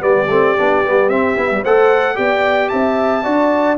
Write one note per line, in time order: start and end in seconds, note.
0.00 0.28 G3
0.00 0.27 B3
0.00 1.62 G4
0.00 1.09 D5
0.28 0.55 A3
0.28 0.57 C4
0.58 0.84 B3
0.58 0.84 D4
0.84 1.09 G3
0.84 1.11 B3
1.09 1.36 C4
1.09 1.37 C4
1.09 1.63 E5
1.37 1.64 B3
1.37 1.50 E4
1.51 1.64 G3
1.62 2.18 A3
1.62 2.15 A4
1.62 2.16 C5
1.62 2.17 F#5
2.15 2.72 B3
2.15 3.22 G4
2.15 2.71 D5
2.15 2.69 G5
2.69 3.26 C4
2.69 3.24 E5
2.69 3.76 A5
3.24 3.78 D4
3.24 3.77 F#4
3.24 3.78 D5